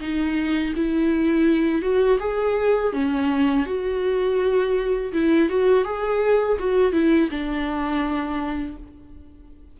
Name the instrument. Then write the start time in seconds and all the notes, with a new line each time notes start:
viola
0.00 D#4
0.76 E4
1.82 F#4
2.19 G#4
2.92 C#4
3.66 F#4
5.13 E4
5.49 F#4
5.84 G#4
6.59 F#4
6.92 E4
7.30 D4